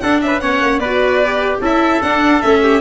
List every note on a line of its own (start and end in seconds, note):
0.00 0.22 D4
0.00 0.41 D4
0.00 0.22 A4
0.00 0.20 F#5
0.21 0.42 C#4
0.21 0.41 B4
0.21 0.40 E5
0.40 0.61 B3
0.40 0.81 C#4
0.40 0.80 C#5
0.40 0.79 F#5
0.61 0.78 A#3
0.78 1.58 B3
0.78 1.60 B4
0.78 1.59 D5
0.85 1.24 F#4
1.24 1.62 G4
1.61 2.01 C#4
1.61 2.02 E4
1.61 2.61 A4
1.61 2.02 E5
2.02 2.42 D4
2.02 2.41 F#5
2.41 2.81 A3
2.41 2.81 C#4
2.41 2.81 E5
2.63 2.81 G4